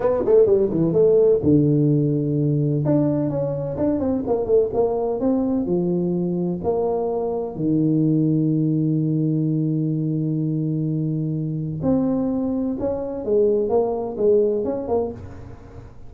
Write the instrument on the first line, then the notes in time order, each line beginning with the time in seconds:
tuba
0.00 B3
0.25 A3
0.46 G3
0.70 E3
0.93 A3
1.42 D3
2.85 D4
3.29 C#4
3.77 D4
3.99 C4
4.27 A#3
4.45 A3
4.73 A#3
5.20 C4
5.65 F3
6.63 A#3
7.55 D#3
11.82 C4
12.79 C#4
13.24 G#3
13.69 A#3
14.17 G#3
14.64 C#4
14.88 A#3